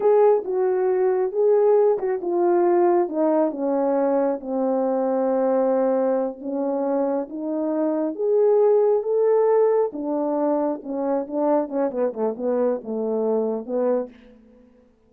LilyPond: \new Staff \with { instrumentName = "horn" } { \time 4/4 \tempo 4 = 136 gis'4 fis'2 gis'4~ | gis'8 fis'8 f'2 dis'4 | cis'2 c'2~ | c'2~ c'8 cis'4.~ |
cis'8 dis'2 gis'4.~ | gis'8 a'2 d'4.~ | d'8 cis'4 d'4 cis'8 b8 a8 | b4 a2 b4 | }